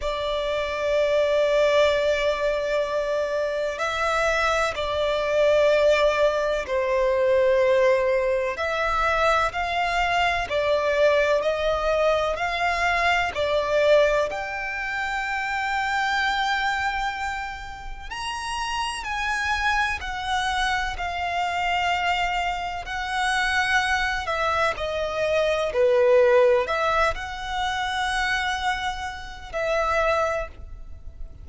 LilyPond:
\new Staff \with { instrumentName = "violin" } { \time 4/4 \tempo 4 = 63 d''1 | e''4 d''2 c''4~ | c''4 e''4 f''4 d''4 | dis''4 f''4 d''4 g''4~ |
g''2. ais''4 | gis''4 fis''4 f''2 | fis''4. e''8 dis''4 b'4 | e''8 fis''2~ fis''8 e''4 | }